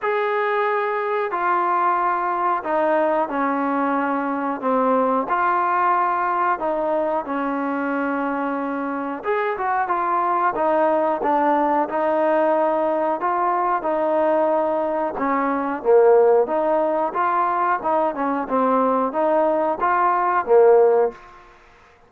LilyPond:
\new Staff \with { instrumentName = "trombone" } { \time 4/4 \tempo 4 = 91 gis'2 f'2 | dis'4 cis'2 c'4 | f'2 dis'4 cis'4~ | cis'2 gis'8 fis'8 f'4 |
dis'4 d'4 dis'2 | f'4 dis'2 cis'4 | ais4 dis'4 f'4 dis'8 cis'8 | c'4 dis'4 f'4 ais4 | }